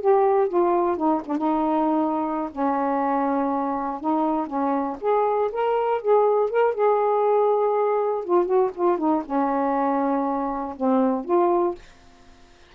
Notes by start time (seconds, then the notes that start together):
0.00 G4
0.48 F4
0.96 D#4
1.25 D4
1.37 D#4
2.51 C#4
4.00 D#4
4.47 C#4
5.00 G#4
5.52 A#4
6.01 G#4
6.50 A#4
6.74 G#4
8.24 F4
8.45 F#4
8.74 F4
8.97 D#4
9.25 C#4
10.76 C4
11.24 F4